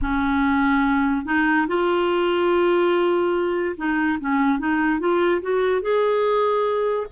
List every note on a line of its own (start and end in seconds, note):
0.01 1.25 C#4
1.25 1.67 D#4
1.67 3.75 F4
3.76 4.18 D#4
4.20 4.58 C#4
4.58 4.99 D#4
4.99 5.41 F4
5.41 5.81 F#4
5.81 7.06 G#4